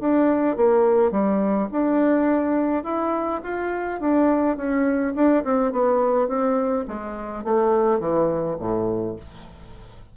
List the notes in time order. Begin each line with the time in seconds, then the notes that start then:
0.00 D4
0.57 A#3
1.11 G3
1.72 D4
2.84 E4
3.43 F4
4.00 D4
4.57 C#4
5.15 D4
5.44 C4
5.72 B3
6.28 C4
6.88 G#3
7.44 A3
8.00 E3
8.59 A2